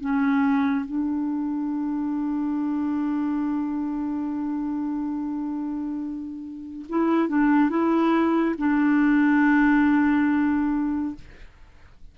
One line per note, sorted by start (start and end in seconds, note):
0.00 0.85 C#4
0.85 6.85 D4
6.89 7.28 E4
7.28 7.69 D4
7.69 8.55 E4
8.58 11.15 D4